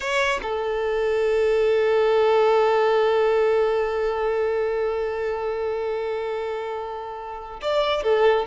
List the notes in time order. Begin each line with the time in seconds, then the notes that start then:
0.00 C#5
0.42 A4
7.61 D5
8.03 A4